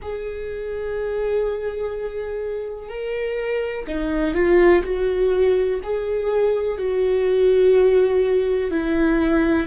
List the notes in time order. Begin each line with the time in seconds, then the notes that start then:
0.02 G#4
2.89 A#4
3.87 D#4
4.34 F4
4.83 F#4
5.83 G#4
6.77 F#4
8.71 E4